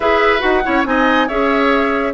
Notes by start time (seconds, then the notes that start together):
0.00 E4 G#4 B4 E5
0.39 D#4 F#4 F#5
0.63 C#4 E4 C#5
0.85 C4 D#4 D#5 G#5
1.27 C#4 G#4 C#5 E5